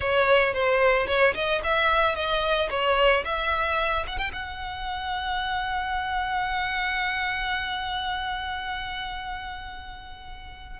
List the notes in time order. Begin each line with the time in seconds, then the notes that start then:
0.00 C#5
0.53 C5
1.07 C#5
1.34 D#5
1.63 E5
2.15 D#5
2.70 C#5
3.24 E5
4.07 F#5
4.17 G5
4.32 F#5